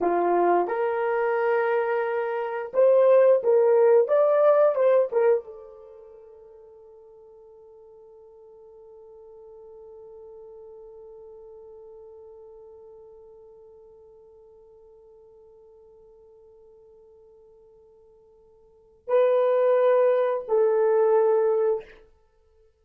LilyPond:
\new Staff \with { instrumentName = "horn" } { \time 4/4 \tempo 4 = 88 f'4 ais'2. | c''4 ais'4 d''4 c''8 ais'8 | a'1~ | a'1~ |
a'1~ | a'1~ | a'1 | b'2 a'2 | }